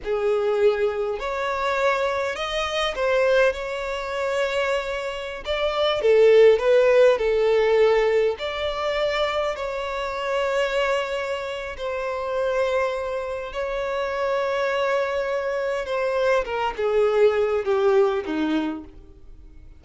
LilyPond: \new Staff \with { instrumentName = "violin" } { \time 4/4 \tempo 4 = 102 gis'2 cis''2 | dis''4 c''4 cis''2~ | cis''4~ cis''16 d''4 a'4 b'8.~ | b'16 a'2 d''4.~ d''16~ |
d''16 cis''2.~ cis''8. | c''2. cis''4~ | cis''2. c''4 | ais'8 gis'4. g'4 dis'4 | }